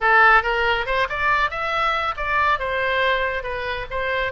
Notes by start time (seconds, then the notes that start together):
0.00 A4
0.43 A#4
0.86 C5
1.09 D5
1.50 E5
2.16 D5
2.59 C5
3.43 B4
3.90 C5